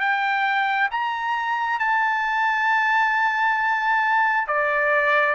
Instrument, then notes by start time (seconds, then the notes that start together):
trumpet
0.00 G5
0.91 A#5
1.80 A5
4.48 D5